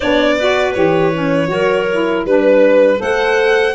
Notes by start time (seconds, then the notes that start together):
0.00 B3 D4 C#5 D5
0.37 F#4 B4
0.74 E3 G4 C#5
1.13 C#4
1.47 F#3 F#4 A#4
1.91 E4
2.24 G3 D4 B4
2.97 A3 A4 C5 F#5